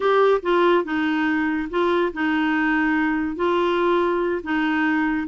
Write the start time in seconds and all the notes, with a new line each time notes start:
0.00 G4
0.42 F4
0.84 D#4
1.70 F4
2.13 D#4
3.36 F4
4.43 D#4